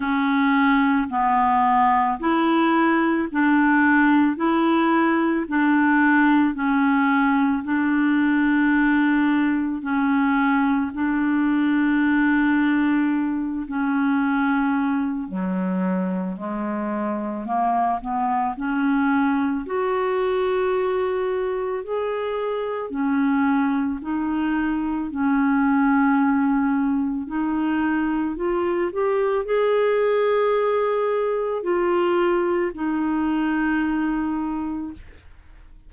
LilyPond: \new Staff \with { instrumentName = "clarinet" } { \time 4/4 \tempo 4 = 55 cis'4 b4 e'4 d'4 | e'4 d'4 cis'4 d'4~ | d'4 cis'4 d'2~ | d'8 cis'4. fis4 gis4 |
ais8 b8 cis'4 fis'2 | gis'4 cis'4 dis'4 cis'4~ | cis'4 dis'4 f'8 g'8 gis'4~ | gis'4 f'4 dis'2 | }